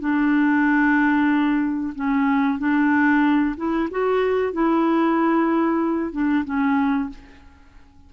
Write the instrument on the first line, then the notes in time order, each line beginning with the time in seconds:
clarinet
0.00 D4
1.95 C#4
2.59 D4
3.57 E4
3.91 F#4
4.53 E4
6.12 D4
6.45 C#4